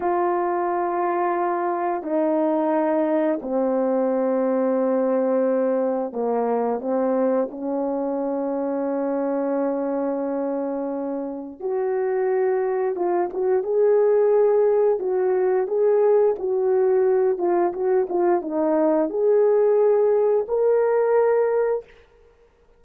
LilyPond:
\new Staff \with { instrumentName = "horn" } { \time 4/4 \tempo 4 = 88 f'2. dis'4~ | dis'4 c'2.~ | c'4 ais4 c'4 cis'4~ | cis'1~ |
cis'4 fis'2 f'8 fis'8 | gis'2 fis'4 gis'4 | fis'4. f'8 fis'8 f'8 dis'4 | gis'2 ais'2 | }